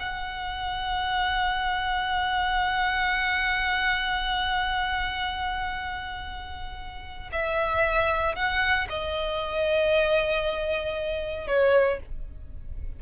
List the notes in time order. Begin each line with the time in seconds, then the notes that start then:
0.00 F#5
7.32 E5
8.35 F#5
8.90 D#5
11.48 C#5